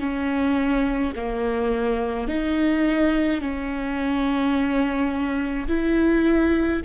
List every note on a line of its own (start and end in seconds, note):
0.00 1.13 C#4
1.16 2.28 A#3
2.28 3.41 D#4
3.41 5.68 C#4
5.68 6.81 E4